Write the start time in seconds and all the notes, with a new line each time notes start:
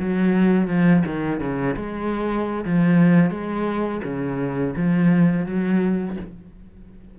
0.00 F#3
0.68 F3
1.07 D#3
1.41 C#3
1.77 G#3
2.66 F3
3.31 G#3
4.04 C#3
4.77 F3
5.46 F#3